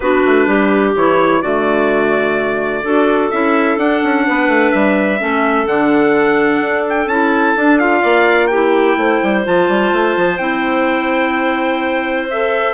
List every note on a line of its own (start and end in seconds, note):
0.00 0.22 B3
0.00 0.97 D4
0.00 0.47 F#4
0.00 0.92 B4
0.25 0.46 A3
0.46 0.94 G3
0.46 1.41 G4
0.95 1.42 E3
0.95 1.44 E4
0.95 1.42 C#5
1.41 2.84 D3
1.41 2.85 A3
1.41 2.83 F#4
1.41 3.30 D5
2.83 3.31 D4
2.83 3.31 F#4
2.83 4.25 A4
3.30 3.77 C#4
3.30 3.79 E4
3.30 3.77 E5
3.77 4.00 D4
3.77 5.19 D4
3.77 4.71 F#5
4.03 4.27 C#4
4.26 4.47 B3
4.26 5.20 B4
4.47 4.71 A3
4.71 5.21 G3
4.71 5.66 E5
5.19 5.66 A3
5.19 5.66 C#4
5.19 8.00 A4
5.66 6.60 D3
5.66 7.08 D4
5.66 6.85 F#5
6.60 7.06 D4
6.89 7.08 G5
7.06 7.53 C#4
7.06 7.57 E4
7.06 7.79 A5
7.56 8.03 D4
7.56 7.80 D4
7.79 8.51 F4
7.79 8.47 F5
8.00 8.97 A#3
8.00 8.47 D5
8.47 9.44 E4
8.47 8.97 G4
8.47 9.41 G5
8.97 9.20 A3
8.97 12.73 C5
9.23 9.46 G3
9.44 9.68 F3
9.44 10.38 F4
9.44 10.37 A5
9.68 9.92 G3
9.92 10.15 A3
10.16 10.38 F3
10.37 12.73 C4
10.37 12.27 E4
10.37 12.26 G5
12.30 12.73 A4
12.30 12.73 E5